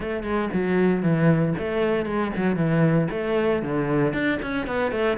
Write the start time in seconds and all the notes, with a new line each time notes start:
0.00 A3
0.23 G#3
0.53 F#3
1.02 E3
1.58 A3
2.05 G#3
2.36 F#3
2.56 E3
3.11 A3
3.62 D3
4.13 D4
4.42 C#4
4.66 B3
4.91 A3